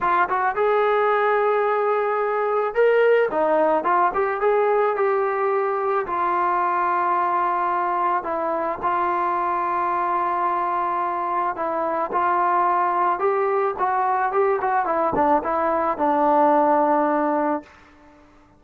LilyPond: \new Staff \with { instrumentName = "trombone" } { \time 4/4 \tempo 4 = 109 f'8 fis'8 gis'2.~ | gis'4 ais'4 dis'4 f'8 g'8 | gis'4 g'2 f'4~ | f'2. e'4 |
f'1~ | f'4 e'4 f'2 | g'4 fis'4 g'8 fis'8 e'8 d'8 | e'4 d'2. | }